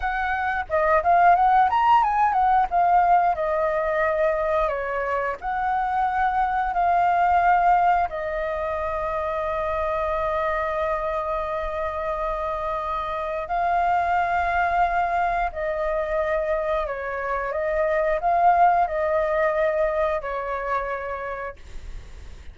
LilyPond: \new Staff \with { instrumentName = "flute" } { \time 4/4 \tempo 4 = 89 fis''4 dis''8 f''8 fis''8 ais''8 gis''8 fis''8 | f''4 dis''2 cis''4 | fis''2 f''2 | dis''1~ |
dis''1 | f''2. dis''4~ | dis''4 cis''4 dis''4 f''4 | dis''2 cis''2 | }